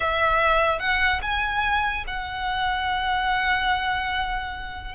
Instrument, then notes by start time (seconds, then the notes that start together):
violin
0.00 E5
0.79 F#5
1.22 G#5
2.07 F#5